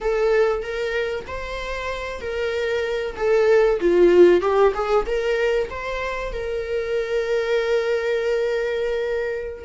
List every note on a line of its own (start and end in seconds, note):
0.01 0.62 A4
0.62 1.25 A#4
1.27 2.20 C5
2.20 3.15 A#4
3.16 3.79 A4
3.80 4.41 F4
4.41 4.72 G4
4.74 5.05 G#4
5.06 5.69 A#4
5.70 6.32 C5
6.32 9.64 A#4